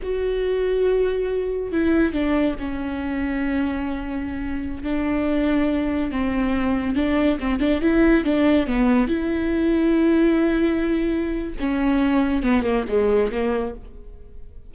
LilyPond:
\new Staff \with { instrumentName = "viola" } { \time 4/4 \tempo 4 = 140 fis'1 | e'4 d'4 cis'2~ | cis'2.~ cis'16 d'8.~ | d'2~ d'16 c'4.~ c'16~ |
c'16 d'4 c'8 d'8 e'4 d'8.~ | d'16 b4 e'2~ e'8.~ | e'2. cis'4~ | cis'4 b8 ais8 gis4 ais4 | }